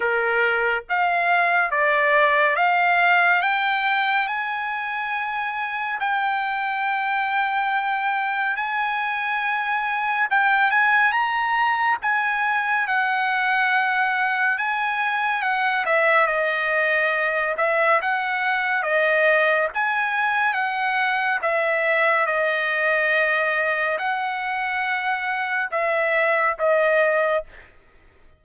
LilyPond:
\new Staff \with { instrumentName = "trumpet" } { \time 4/4 \tempo 4 = 70 ais'4 f''4 d''4 f''4 | g''4 gis''2 g''4~ | g''2 gis''2 | g''8 gis''8 ais''4 gis''4 fis''4~ |
fis''4 gis''4 fis''8 e''8 dis''4~ | dis''8 e''8 fis''4 dis''4 gis''4 | fis''4 e''4 dis''2 | fis''2 e''4 dis''4 | }